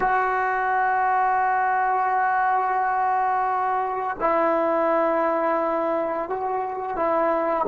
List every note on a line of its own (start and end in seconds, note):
0.00 4.17 F#4
4.20 6.29 E4
6.29 6.96 F#4
6.96 7.66 E4